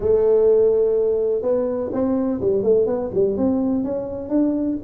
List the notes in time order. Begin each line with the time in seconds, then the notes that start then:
0.00 A3
1.41 B3
1.92 C4
2.40 G3
2.63 A3
2.86 B3
3.13 G3
3.37 C4
3.84 C#4
4.29 D4